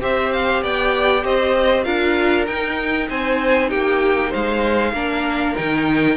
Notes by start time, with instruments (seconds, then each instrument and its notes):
0.00 cello C4, viola G4, violin C5 E5
0.32 violin F5
0.62 cello B3, violin D5 G5
1.24 cello C4, violin C5 D#5
1.84 cello D4, viola F4, violin A#4 F5
2.46 cello D#4, viola D#4, violin G5
3.09 cello C4, violin C5 G#5
3.69 cello A#3, violin G4 G5
4.30 cello G#3, violin C5 F5
4.92 cello A#3, viola D4, violin A#4
5.56 cello D#3, viola D#4, violin G5